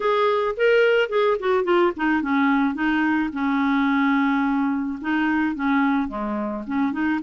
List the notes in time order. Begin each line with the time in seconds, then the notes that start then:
0.00 G#4
0.57 A#4
1.09 G#4
1.39 F#4
1.64 F4
1.96 D#4
2.22 C#4
2.74 D#4
3.32 C#4
5.01 D#4
5.55 C#4
6.08 G#3
6.66 C#4
6.92 D#4